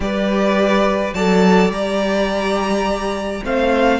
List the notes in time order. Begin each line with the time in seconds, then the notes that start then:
0.00 G3 G4 B4 D5
1.14 F#3 A4 D5 A5
1.69 G3 G4 A#5
3.43 A3 C4 C5 F5